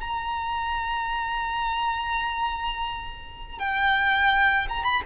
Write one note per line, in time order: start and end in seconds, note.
0.00 3.58 A#5
3.58 4.67 G5
4.69 4.83 A#5
4.83 5.01 B5